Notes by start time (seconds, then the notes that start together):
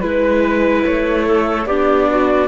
0.00 G#3 E4 B4
0.85 A3 C#5
1.26 A4
1.65 B3 D4 G4 D5
2.09 F#4